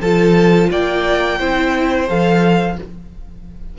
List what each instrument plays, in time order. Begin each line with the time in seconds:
0.00 cello F3, viola F4, violin A4 A5
0.70 cello A#3, violin D5 G5
1.39 cello C4, viola E4, violin C5
2.07 cello F3, viola A4, violin F5